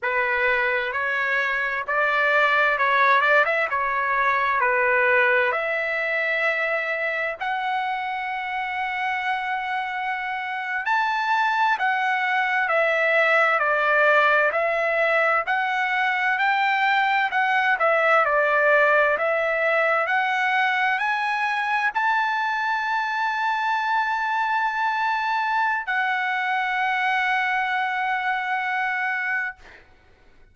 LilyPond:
\new Staff \with { instrumentName = "trumpet" } { \time 4/4 \tempo 4 = 65 b'4 cis''4 d''4 cis''8 d''16 e''16 | cis''4 b'4 e''2 | fis''2.~ fis''8. a''16~ | a''8. fis''4 e''4 d''4 e''16~ |
e''8. fis''4 g''4 fis''8 e''8 d''16~ | d''8. e''4 fis''4 gis''4 a''16~ | a''1 | fis''1 | }